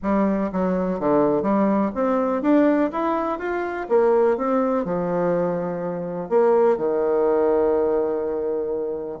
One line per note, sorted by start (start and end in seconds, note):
0.02 0.50 G3
0.52 0.99 F#3
0.99 1.42 D3
1.42 1.90 G3
1.94 2.41 C4
2.41 2.90 D4
2.92 3.38 E4
3.38 3.87 F4
3.88 4.37 A#3
4.37 4.85 C4
4.85 6.29 F3
6.29 6.77 A#3
6.77 9.19 D#3